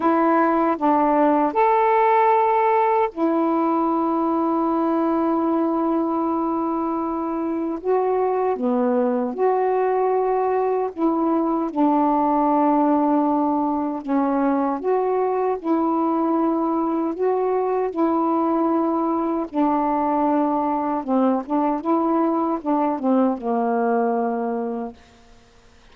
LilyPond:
\new Staff \with { instrumentName = "saxophone" } { \time 4/4 \tempo 4 = 77 e'4 d'4 a'2 | e'1~ | e'2 fis'4 b4 | fis'2 e'4 d'4~ |
d'2 cis'4 fis'4 | e'2 fis'4 e'4~ | e'4 d'2 c'8 d'8 | e'4 d'8 c'8 ais2 | }